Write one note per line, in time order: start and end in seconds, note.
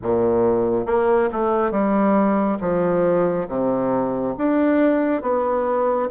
0.02 0.86 A#2
0.86 1.29 A#3
1.32 1.71 A3
1.71 2.58 G3
2.60 3.47 F3
3.47 4.34 C3
4.37 5.22 D4
5.22 6.09 B3